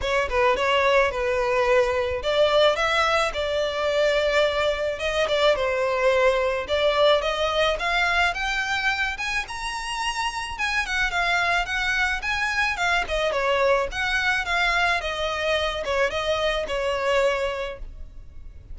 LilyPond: \new Staff \with { instrumentName = "violin" } { \time 4/4 \tempo 4 = 108 cis''8 b'8 cis''4 b'2 | d''4 e''4 d''2~ | d''4 dis''8 d''8 c''2 | d''4 dis''4 f''4 g''4~ |
g''8 gis''8 ais''2 gis''8 fis''8 | f''4 fis''4 gis''4 f''8 dis''8 | cis''4 fis''4 f''4 dis''4~ | dis''8 cis''8 dis''4 cis''2 | }